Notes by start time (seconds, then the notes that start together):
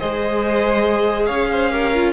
0.00 G#3 G#4 C5 D#5
1.27 C#4 C#5 F5
1.52 C5
1.72 G4 A#4
1.95 F4